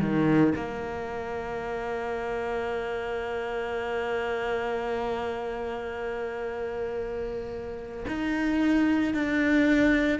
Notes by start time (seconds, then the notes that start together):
0.00 D#3
0.55 A#3
8.07 D#4
9.14 D4